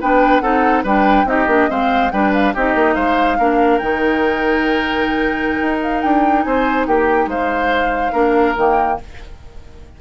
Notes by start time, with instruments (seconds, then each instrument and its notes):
0.00 bassoon B3, clarinet D4, oboe B4, flute G5
0.40 bassoon C4, clarinet D#4, oboe A4, flute F#5
0.83 bassoon G3, clarinet D4, oboe B4, flute G5
1.24 bassoon C4, clarinet D#4, oboe G4, flute D#5
1.46 bassoon A#3, clarinet D4
1.68 bassoon G#3, clarinet C4, oboe C5, flute F5
2.10 bassoon G3, clarinet D4, oboe B4, flute G5
2.33 flute F5
2.54 bassoon C4, clarinet D#4, oboe G4, flute D#5
2.74 bassoon A#3
2.95 bassoon G#3, oboe C5, flute F5
3.38 bassoon A#3, clarinet D4, oboe A#4
3.78 bassoon D#3, clarinet D#4, flute G5
5.61 bassoon D#4
5.82 flute F5
6.01 bassoon D4, flute G5
6.42 bassoon C4, oboe C5, flute G#5
6.87 bassoon A#3, oboe G4, flute G5
7.26 bassoon G#3, oboe C5, flute F5
8.12 bassoon A#3, clarinet D4, oboe A#4
8.56 bassoon D#3, clarinet A#3, flute G5